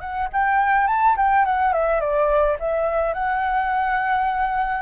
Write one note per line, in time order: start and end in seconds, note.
0.00 0.28 F#5
0.32 0.87 G5
0.87 1.16 A5
1.17 1.45 G5
1.45 1.73 F#5
1.73 2.00 E5
2.00 2.57 D5
2.59 3.13 E5
3.13 4.81 F#5